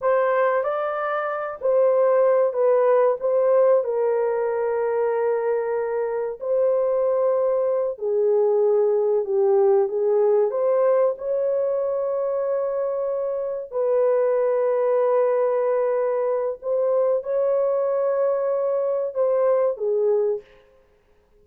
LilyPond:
\new Staff \with { instrumentName = "horn" } { \time 4/4 \tempo 4 = 94 c''4 d''4. c''4. | b'4 c''4 ais'2~ | ais'2 c''2~ | c''8 gis'2 g'4 gis'8~ |
gis'8 c''4 cis''2~ cis''8~ | cis''4. b'2~ b'8~ | b'2 c''4 cis''4~ | cis''2 c''4 gis'4 | }